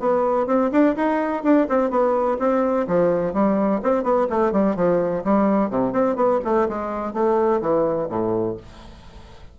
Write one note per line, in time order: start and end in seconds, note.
0.00 0.47 B3
0.47 0.70 C4
0.72 0.95 D4
0.95 1.43 D#4
1.43 1.67 D4
1.69 1.90 C4
1.90 2.38 B3
2.39 2.87 C4
2.87 3.33 F3
3.33 3.81 G3
3.83 4.03 C4
4.03 4.27 B3
4.30 4.52 A3
4.52 4.76 G3
4.76 5.23 F3
5.24 5.70 G3
5.70 5.92 C3
5.92 6.16 C4
6.16 6.40 B3
6.44 6.68 A3
6.68 7.13 G#3
7.13 7.61 A3
7.61 8.08 E3
8.10 8.57 A2